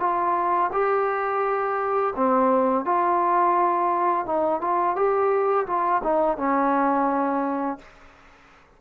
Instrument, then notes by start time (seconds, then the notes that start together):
trombone
0.00 F4
0.73 G4
2.16 C4
2.85 F4
4.26 D#4
4.61 F4
4.96 G4
5.67 F4
6.04 D#4
6.38 C#4